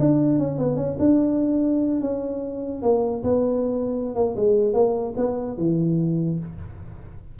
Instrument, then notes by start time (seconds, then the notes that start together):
tuba
0.00 D4
0.39 C#4
0.58 B3
0.77 C#4
0.99 D4
2.01 C#4
2.83 A#3
3.24 B3
4.15 A#3
4.37 G#3
4.74 A#3
5.17 B3
5.58 E3